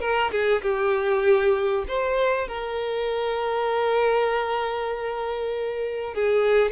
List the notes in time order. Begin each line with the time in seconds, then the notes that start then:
0.00 A#4
0.31 G#4
0.62 G4
1.87 C5
2.47 A#4
6.14 G#4